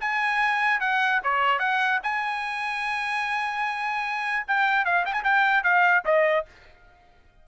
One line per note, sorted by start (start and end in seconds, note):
0.00 0.80 G#5
0.80 1.21 F#5
1.23 1.59 C#5
1.59 2.00 F#5
2.03 4.46 G#5
4.47 4.85 G5
4.85 5.05 F5
5.05 5.13 G5
5.13 5.23 G#5
5.24 5.63 G5
5.63 6.04 F5
6.05 6.46 D#5